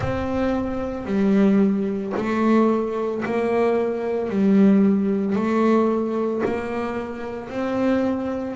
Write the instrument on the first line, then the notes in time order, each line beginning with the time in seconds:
double bass
0.00 C4
1.05 G3
2.16 A3
3.25 A#3
4.29 G3
5.35 A3
6.45 A#3
7.50 C4